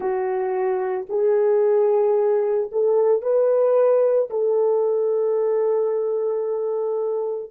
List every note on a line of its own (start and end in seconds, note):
0.00 1.06 F#4
1.09 2.69 G#4
2.71 3.21 A4
3.21 4.29 B4
4.30 7.50 A4